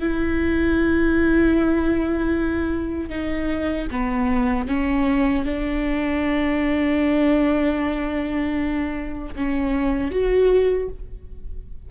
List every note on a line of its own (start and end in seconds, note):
0.00 3.10 E4
3.10 3.87 D#4
3.91 4.68 B3
4.68 5.45 C#4
5.45 9.34 D4
9.35 10.11 C#4
10.11 10.89 F#4